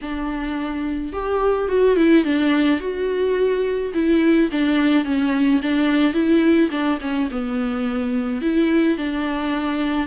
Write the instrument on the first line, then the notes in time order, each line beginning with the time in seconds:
viola
0.01 D4
1.12 G4
1.68 F#4
1.96 E4
2.24 D4
2.80 F#4
3.94 E4
4.51 D4
5.04 C#4
5.62 D4
6.13 E4
6.70 D4
7.01 C#4
7.30 B3
8.41 E4
8.97 D4